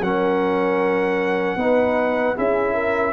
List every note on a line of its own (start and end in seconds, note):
0.00 1.56 F#3
0.00 1.58 C#4
0.00 1.58 A#4
0.00 2.36 F#5
1.56 2.34 B3
1.56 2.36 D#4
1.56 2.36 B4
2.36 3.12 C#4
2.36 3.12 E4
2.36 2.74 G#4
2.36 3.12 E5
2.74 3.12 A#4